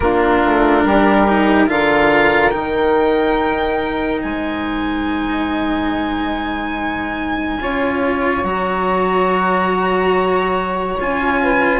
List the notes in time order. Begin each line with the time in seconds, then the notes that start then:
0.00 A#3 D4 F4 A#4
0.45 A3
0.83 G3 G4
1.27 D#4
1.67 D3 F4 A#4 F5
2.49 D#3 D#4 G5
4.22 G#3 C5 G#5
7.59 C#4 F4 C#5
8.43 F#3 F#4 A#5
11.00 C#4 F4 G#5
11.42 B4